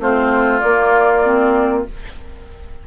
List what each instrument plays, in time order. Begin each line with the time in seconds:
0.00 bassoon A3, clarinet C4, oboe F4, flute C5
0.60 clarinet A#3, bassoon A#3, flute D5
1.23 clarinet C4